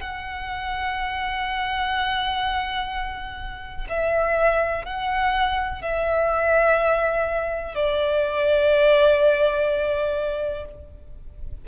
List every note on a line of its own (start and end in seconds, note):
0.00 3.87 F#5
3.89 4.85 E5
4.85 5.82 F#5
5.82 7.75 E5
7.75 10.65 D5